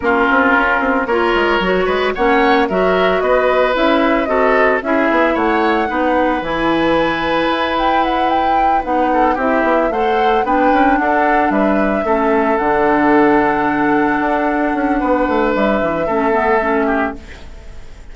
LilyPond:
<<
  \new Staff \with { instrumentName = "flute" } { \time 4/4 \tempo 4 = 112 ais'2 cis''2 | fis''4 e''4 dis''4 e''4 | dis''4 e''4 fis''2 | gis''2~ gis''8 g''8 fis''8 g''8~ |
g''8 fis''4 e''4 fis''4 g''8~ | g''8 fis''4 e''2 fis''8~ | fis''1~ | fis''4 e''2. | }
  \new Staff \with { instrumentName = "oboe" } { \time 4/4 f'2 ais'4. b'8 | cis''4 ais'4 b'2 | a'4 gis'4 cis''4 b'4~ | b'1~ |
b'4 a'8 g'4 c''4 b'8~ | b'8 a'4 b'4 a'4.~ | a'1 | b'2 a'4. g'8 | }
  \new Staff \with { instrumentName = "clarinet" } { \time 4/4 cis'2 f'4 fis'4 | cis'4 fis'2 e'4 | fis'4 e'2 dis'4 | e'1~ |
e'8 dis'4 e'4 a'4 d'8~ | d'2~ d'8 cis'4 d'8~ | d'1~ | d'2 cis'8 b8 cis'4 | }
  \new Staff \with { instrumentName = "bassoon" } { \time 4/4 ais8 c'8 cis'8 c'8 ais8 gis8 fis8 gis8 | ais4 fis4 b4 cis'4 | c'4 cis'8 b8 a4 b4 | e2 e'2~ |
e'8 b4 c'8 b8 a4 b8 | cis'8 d'4 g4 a4 d8~ | d2~ d8 d'4 cis'8 | b8 a8 g8 e8 a2 | }
>>